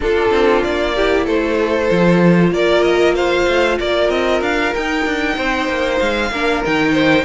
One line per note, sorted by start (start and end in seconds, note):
0.00 0.95 D4
0.00 0.31 D4
0.00 0.95 F4
0.00 0.63 A4
0.31 0.62 C4
0.63 1.26 A#3
0.63 1.26 D5
0.95 1.89 E4
0.95 1.24 G4
1.24 1.89 A3
1.24 2.51 A4
1.24 2.53 C5
1.89 2.51 F3
1.89 4.73 F4
2.51 3.46 A#3
2.51 3.15 A#4
2.51 2.82 D5
2.82 3.14 D#5
3.15 3.78 C5
3.15 3.78 F5
3.47 3.79 A3
3.78 4.09 A#3
3.78 5.36 A#4
3.78 4.10 D5
4.09 4.41 C4
4.09 4.41 D#5
4.41 4.72 D4
4.41 4.74 F5
4.73 6.31 D#4
4.73 5.05 D#4
4.73 5.99 G5
5.05 5.37 D4
5.36 5.68 C4
5.36 6.30 C5
5.68 6.00 A#3
5.99 6.30 G#3
5.99 6.62 F5
6.30 6.62 A#3
6.30 6.64 D4
6.30 6.92 A#4
6.64 7.25 D#3
6.64 7.25 D#4
6.64 7.25 G5
6.92 7.24 C5